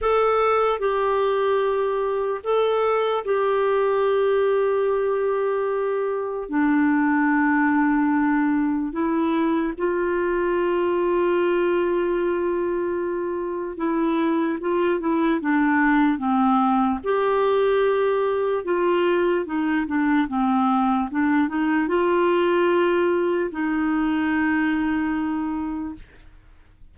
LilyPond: \new Staff \with { instrumentName = "clarinet" } { \time 4/4 \tempo 4 = 74 a'4 g'2 a'4 | g'1 | d'2. e'4 | f'1~ |
f'4 e'4 f'8 e'8 d'4 | c'4 g'2 f'4 | dis'8 d'8 c'4 d'8 dis'8 f'4~ | f'4 dis'2. | }